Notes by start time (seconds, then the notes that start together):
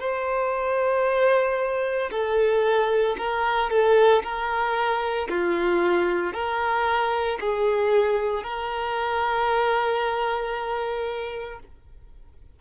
0.00 C5
2.11 A4
3.18 A#4
3.71 A4
4.23 A#4
5.30 F4
6.34 A#4
7.41 G#4
8.44 A#4